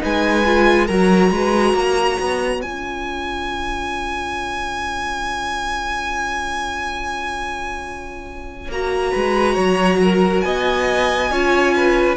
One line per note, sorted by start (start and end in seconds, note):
0.00 0.89 G#3
0.00 0.43 D#4
0.00 0.86 B4
0.00 0.87 G#5
0.46 0.89 F4
0.86 1.31 F#3
0.86 2.62 F#4
0.86 1.30 A#4
0.86 2.61 A#5
1.31 1.74 G#3
1.31 1.75 B4
1.74 2.17 A#3
1.74 9.11 C#5
2.20 2.64 B3
2.62 8.69 C#4
2.62 8.71 F4
2.62 8.71 G#5
8.69 9.12 A#3
8.69 11.32 F#4
8.69 10.41 A#5
9.11 9.57 G#3
9.11 9.54 B4
9.54 10.44 F#3
9.54 9.98 C#5
10.02 10.45 A#4
10.41 11.31 B3
10.41 11.32 D#5
10.41 12.15 G#5
11.31 12.17 C#4
11.31 12.17 F4
11.31 11.75 C#5
11.77 12.17 B4